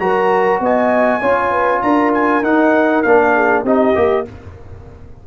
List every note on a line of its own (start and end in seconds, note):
0.00 0.60 F#3
0.00 1.21 F#4
0.00 0.62 A#4
0.00 0.61 A#5
0.60 1.21 B3
0.60 1.21 D#5
0.60 1.82 G#5
1.21 1.83 C#4
1.21 2.43 F4
1.21 1.51 C#5
1.51 1.82 B4
1.82 2.43 D4
1.82 3.35 A#4
1.82 2.12 A#5
2.14 2.44 G#5
2.43 3.03 D#4
2.43 3.05 D#4
2.43 3.03 F#5
3.03 3.64 A#3
3.03 3.66 D4
3.03 3.64 F5
3.35 3.64 G#4
3.64 3.94 C4
3.64 3.95 D#4
3.64 4.24 G4
3.64 4.27 D#5
3.95 4.26 A#3
3.95 4.26 G4